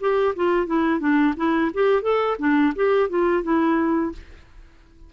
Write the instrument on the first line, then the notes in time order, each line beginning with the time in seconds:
clarinet
0.00 G4
0.36 F4
0.66 E4
1.00 D4
1.37 E4
1.74 G4
2.02 A4
2.39 D4
2.76 G4
3.09 F4
3.43 E4